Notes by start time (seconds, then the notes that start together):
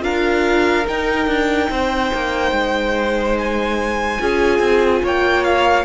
0.00 D4 F4 A#4 F5
0.87 D#4 G5
1.27 D4
1.70 C4 C5
2.14 A#3
2.52 G#3
3.38 G#5
4.18 C#4 F4 G#4
4.59 C4
5.03 A#3 C#5 G5
5.44 F5